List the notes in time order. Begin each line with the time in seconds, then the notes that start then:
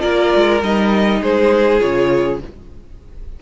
0.00 A#3 F4 A#4 D5
0.35 G#3
0.62 G3 D#4 D#5
1.21 G#3 G#4 C5
1.79 C#3 F4 C#5